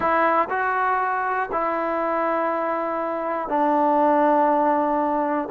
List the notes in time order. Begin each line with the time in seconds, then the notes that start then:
0.00 E4
0.49 F#4
1.52 E4
3.49 D4